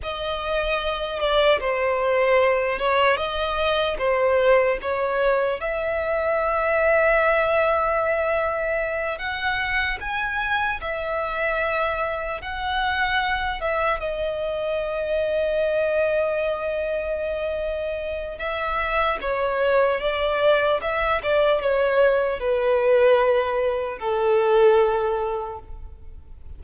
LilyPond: \new Staff \with { instrumentName = "violin" } { \time 4/4 \tempo 4 = 75 dis''4. d''8 c''4. cis''8 | dis''4 c''4 cis''4 e''4~ | e''2.~ e''8 fis''8~ | fis''8 gis''4 e''2 fis''8~ |
fis''4 e''8 dis''2~ dis''8~ | dis''2. e''4 | cis''4 d''4 e''8 d''8 cis''4 | b'2 a'2 | }